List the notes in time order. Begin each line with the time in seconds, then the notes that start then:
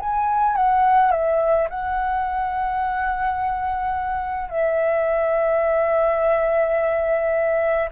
0.00 G#5
0.56 F#5
1.12 E5
1.70 F#5
4.50 E5